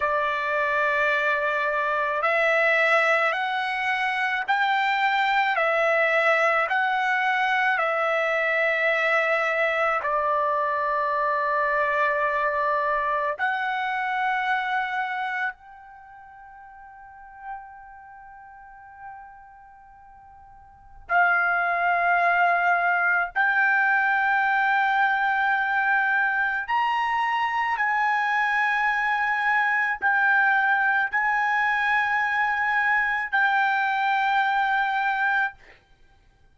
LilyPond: \new Staff \with { instrumentName = "trumpet" } { \time 4/4 \tempo 4 = 54 d''2 e''4 fis''4 | g''4 e''4 fis''4 e''4~ | e''4 d''2. | fis''2 g''2~ |
g''2. f''4~ | f''4 g''2. | ais''4 gis''2 g''4 | gis''2 g''2 | }